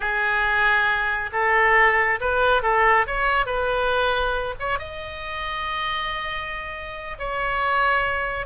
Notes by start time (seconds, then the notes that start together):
0.00 G#4
1.32 A4
2.20 B4
2.62 A4
3.06 C#5
3.46 B4
4.59 C#5
4.78 D#5
7.18 C#5